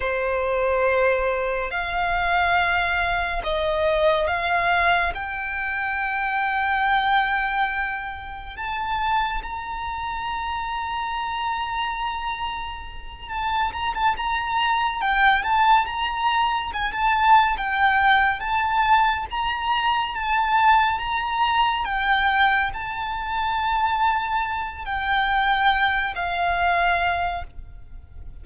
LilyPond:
\new Staff \with { instrumentName = "violin" } { \time 4/4 \tempo 4 = 70 c''2 f''2 | dis''4 f''4 g''2~ | g''2 a''4 ais''4~ | ais''2.~ ais''8 a''8 |
ais''16 a''16 ais''4 g''8 a''8 ais''4 gis''16 a''16~ | a''8 g''4 a''4 ais''4 a''8~ | a''8 ais''4 g''4 a''4.~ | a''4 g''4. f''4. | }